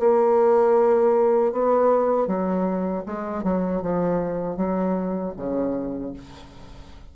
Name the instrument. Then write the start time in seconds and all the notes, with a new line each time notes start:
bassoon
0.00 A#3
1.53 B3
2.27 F#3
3.06 G#3
3.44 F#3
3.82 F3
4.57 F#3
5.37 C#3